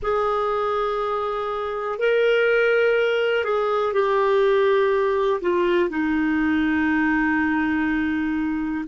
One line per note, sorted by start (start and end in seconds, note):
0.02 1.99 G#4
1.99 3.44 A#4
3.44 3.93 G#4
3.93 5.40 G4
5.41 5.89 F4
5.89 8.84 D#4